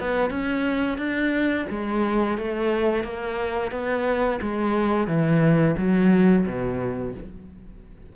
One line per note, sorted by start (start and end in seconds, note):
0.00 0.30 B3
0.30 0.97 C#4
0.97 1.65 D4
1.69 2.37 G#3
2.37 3.04 A3
3.04 3.71 A#3
3.71 4.39 B3
4.41 5.07 G#3
5.07 5.75 E3
5.77 6.45 F#3
6.45 7.13 B2